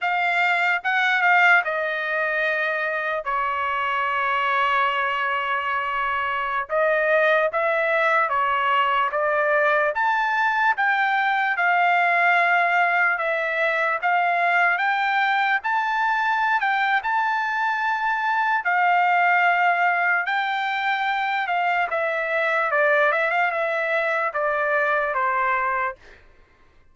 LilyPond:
\new Staff \with { instrumentName = "trumpet" } { \time 4/4 \tempo 4 = 74 f''4 fis''8 f''8 dis''2 | cis''1~ | cis''16 dis''4 e''4 cis''4 d''8.~ | d''16 a''4 g''4 f''4.~ f''16~ |
f''16 e''4 f''4 g''4 a''8.~ | a''8 g''8 a''2 f''4~ | f''4 g''4. f''8 e''4 | d''8 e''16 f''16 e''4 d''4 c''4 | }